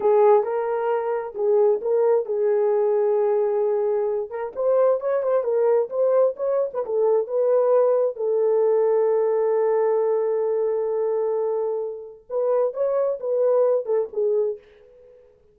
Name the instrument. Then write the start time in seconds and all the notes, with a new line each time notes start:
horn
0.00 G#4
0.43 A#4
1.35 G#4
1.81 A#4
2.25 G#4
4.30 A#4
4.55 C5
5.00 C#5
5.22 C5
5.43 A#4
5.89 C5
6.36 C#5
6.73 B4
6.85 A4
7.27 B4
8.16 A4
12.29 B4
12.73 C#5
13.19 B4
13.85 A4
14.12 G#4